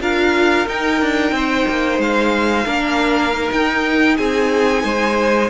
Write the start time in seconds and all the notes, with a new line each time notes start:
0.00 D4 F4 A#4 F5
0.67 D#4 G5
1.01 D4
1.32 C4 C5
1.69 A#3
1.98 G#3 F5
2.65 A#3 D4 A#4
3.32 D#4
3.51 D#4 G5
4.17 C4 G#4 G#5
4.84 G#3 C5